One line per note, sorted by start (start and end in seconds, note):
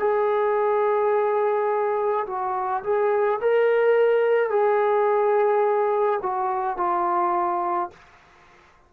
0.00 2.26 G#4
2.27 2.84 F#4
2.84 3.40 G#4
3.42 4.50 A#4
4.50 6.20 G#4
6.23 6.78 F#4
6.78 7.91 F4